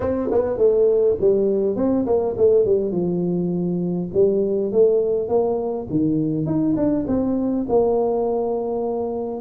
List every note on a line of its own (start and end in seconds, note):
0.00 0.29 C4
0.31 0.57 B3
0.57 1.16 A3
1.20 1.76 G3
1.76 2.05 C4
2.06 2.35 A#3
2.37 2.65 A3
2.65 2.91 G3
2.91 4.09 F3
4.13 4.71 G3
4.71 5.28 A3
5.28 5.87 A#3
5.90 6.45 D#3
6.45 6.75 D#4
6.76 7.05 D4
7.07 7.66 C4
7.68 9.40 A#3